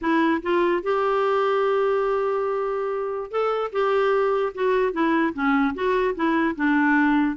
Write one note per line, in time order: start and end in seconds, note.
0.01 0.41 E4
0.42 0.82 F4
0.83 3.31 G4
3.31 3.71 A4
3.72 4.52 G4
4.54 4.92 F#4
4.92 5.33 E4
5.33 5.73 C#4
5.74 6.14 F#4
6.15 6.55 E4
6.55 7.36 D4